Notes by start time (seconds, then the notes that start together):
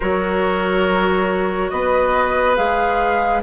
0.00 F#3 F#4 A#4 C#5
1.69 B3 B4 D#5
2.56 G#3 G#4 F5